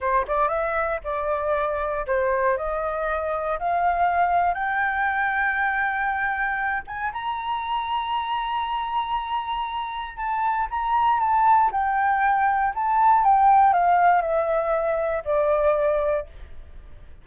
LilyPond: \new Staff \with { instrumentName = "flute" } { \time 4/4 \tempo 4 = 118 c''8 d''8 e''4 d''2 | c''4 dis''2 f''4~ | f''4 g''2.~ | g''4. gis''8 ais''2~ |
ais''1 | a''4 ais''4 a''4 g''4~ | g''4 a''4 g''4 f''4 | e''2 d''2 | }